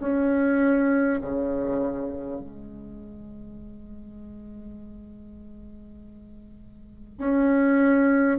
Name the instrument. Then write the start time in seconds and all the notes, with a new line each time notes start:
bassoon
0.00 C#4
1.22 C#3
2.41 G#3
7.18 C#4